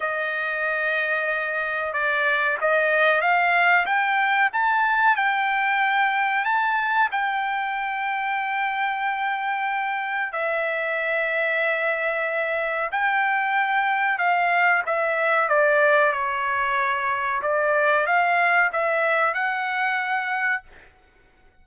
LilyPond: \new Staff \with { instrumentName = "trumpet" } { \time 4/4 \tempo 4 = 93 dis''2. d''4 | dis''4 f''4 g''4 a''4 | g''2 a''4 g''4~ | g''1 |
e''1 | g''2 f''4 e''4 | d''4 cis''2 d''4 | f''4 e''4 fis''2 | }